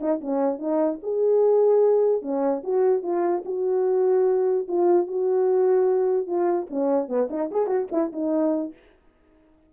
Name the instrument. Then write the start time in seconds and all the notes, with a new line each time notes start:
horn
0.00 D#4
0.21 C#4
0.59 D#4
1.03 G#4
2.22 C#4
2.63 F#4
3.02 F4
3.45 F#4
4.68 F4
5.07 F#4
6.27 F4
6.70 C#4
7.08 B3
7.30 D#4
7.51 G#4
7.67 F#4
7.91 E4
8.12 D#4